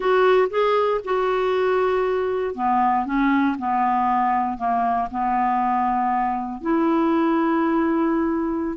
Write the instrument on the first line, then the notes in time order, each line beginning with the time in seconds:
clarinet
0.00 F#4
0.49 G#4
1.04 F#4
2.54 B3
3.05 C#4
3.58 B3
4.57 A#3
5.11 B3
6.61 E4